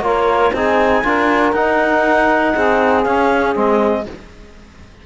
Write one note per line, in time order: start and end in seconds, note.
0.00 0.50 A#3
0.00 0.53 F4
0.00 0.53 A#4
0.00 0.54 C#5
0.52 1.03 C4
0.52 1.03 D#4
0.52 1.04 G#4
0.52 1.53 G#5
1.03 1.52 D4
1.03 1.54 F4
1.03 2.55 A#4
1.52 2.53 D#4
1.52 3.05 D#4
1.52 3.03 F#5
2.55 3.05 C4
2.55 4.06 G#4
3.03 3.54 C#4
3.03 3.55 C#4
3.03 3.53 F5
3.54 4.05 G#3
3.54 4.04 C4
3.54 4.06 D#5